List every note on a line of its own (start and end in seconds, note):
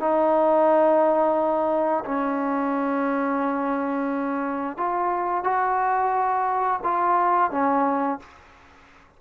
0.00 2.05 D#4
2.05 4.77 C#4
4.77 5.44 F4
5.44 6.80 F#4
6.84 7.51 F4
7.51 8.19 C#4